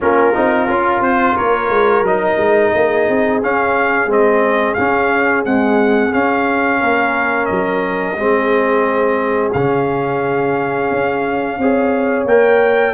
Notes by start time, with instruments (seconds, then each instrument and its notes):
0.00 tuba A#3, trombone C#4, horn F4, trumpet A#4
0.33 tuba C4, trombone D#4
0.68 tuba C#4, trombone F4
1.00 tuba C4, trumpet C5
1.35 tuba A#3, horn A#4, trumpet C#5
1.69 tuba G#3
2.02 tuba F#3, trombone D#4, trumpet D#5
2.37 tuba G#3
2.74 tuba A#3, horn G#4
3.09 tuba C4
3.42 trombone C#4, tuba C#4, trumpet F5
4.07 tuba G#3, trombone C4, trumpet D#5
4.74 tuba C#4, trombone C#4, trumpet F5
5.44 trombone G#3, tuba C4, trumpet F#5
6.12 trombone C#4, tuba C#4, trumpet F5
6.80 tuba A#3, horn A#4
7.45 tuba F#3, trumpet D#5
8.16 tuba G#3, trombone C4, horn G#4
9.52 tuba C#3, trombone C#4, trumpet F5
10.90 tuba C#4
11.58 tuba C4, trombone G#4, horn C#5
12.25 tuba A#3, trombone A#4, trumpet G5